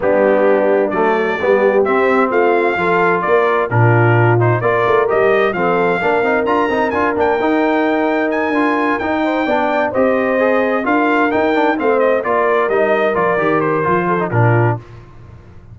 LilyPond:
<<
  \new Staff \with { instrumentName = "trumpet" } { \time 4/4 \tempo 4 = 130 g'2 d''2 | e''4 f''2 d''4 | ais'4. c''8 d''4 dis''4 | f''2 ais''4 gis''8 g''8~ |
g''2 gis''4. g''8~ | g''4. dis''2 f''8~ | f''8 g''4 f''8 dis''8 d''4 dis''8~ | dis''8 d''4 c''4. ais'4 | }
  \new Staff \with { instrumentName = "horn" } { \time 4/4 d'2~ d'8 a'8 g'4~ | g'4 f'4 a'4 ais'4 | f'2 ais'2 | a'4 ais'2.~ |
ais'1 | c''8 d''4 c''2 ais'8~ | ais'4. c''4 ais'4.~ | ais'2~ ais'8 a'8 f'4 | }
  \new Staff \with { instrumentName = "trombone" } { \time 4/4 b2 a4 b4 | c'2 f'2 | d'4. dis'8 f'4 g'4 | c'4 d'8 dis'8 f'8 dis'8 f'8 d'8 |
dis'2~ dis'8 f'4 dis'8~ | dis'8 d'4 g'4 gis'4 f'8~ | f'8 dis'8 d'8 c'4 f'4 dis'8~ | dis'8 f'8 g'4 f'8. dis'16 d'4 | }
  \new Staff \with { instrumentName = "tuba" } { \time 4/4 g2 fis4 g4 | c'4 a4 f4 ais4 | ais,2 ais8 a8 g4 | f4 ais8 c'8 d'8 c'8 d'8 ais8 |
dis'2~ dis'8 d'4 dis'8~ | dis'8 b4 c'2 d'8~ | d'8 dis'4 a4 ais4 g8~ | g8 f8 dis4 f4 ais,4 | }
>>